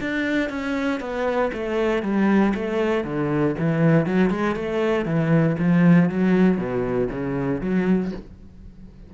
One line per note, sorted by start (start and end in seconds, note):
0.00 0.49 D4
0.49 1.00 C#4
1.00 1.50 B3
1.53 2.02 A3
2.02 2.53 G3
2.54 3.04 A3
3.04 3.55 D3
3.58 4.06 E3
4.06 4.30 F#3
4.30 4.55 G#3
4.55 5.05 A3
5.05 5.56 E3
5.58 6.09 F3
6.09 6.57 F#3
6.57 7.08 B2
7.10 7.61 C#3
7.61 8.12 F#3